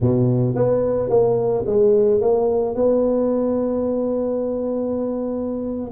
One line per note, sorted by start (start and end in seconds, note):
0.01 0.55 B2
0.55 1.09 B3
1.09 1.64 A#3
1.66 2.20 G#3
2.20 2.75 A#3
2.75 5.91 B3